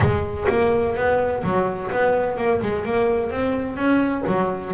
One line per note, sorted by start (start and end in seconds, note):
0.00 0.46 G#3
0.49 0.96 A#3
0.96 1.43 B3
1.43 1.90 F#3
1.91 2.37 B3
2.37 2.60 A#3
2.61 2.85 G#3
2.85 3.30 A#3
3.30 3.76 C4
3.76 4.23 C#4
4.26 4.73 F#3